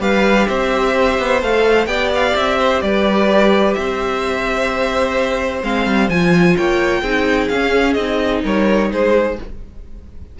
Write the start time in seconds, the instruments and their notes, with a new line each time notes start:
0.00 cello G3, viola G4, violin B4 F5
0.48 cello C4, violin C5 E5
1.19 cello B3
1.42 cello A3, viola A4, violin F5
1.86 cello B3, viola G4, violin D5 G5
2.15 violin F5
2.35 cello C4, violin E5
2.59 violin C5
2.81 cello G3, violin B4 D5
3.74 cello C4, violin C5 E5
5.62 cello G#3, viola C4, violin F5
5.86 cello G3
6.08 cello F3, viola F4, violin G#5
6.57 cello A#3, violin C#5 G5
7.02 cello C4, viola D#4, violin G#4
7.48 cello C#4, viola C#4, violin F5
7.93 cello C4, viola D#4, violin D#5
8.44 cello G3, violin A#4 C#5
8.91 cello G#3, violin G#4 C5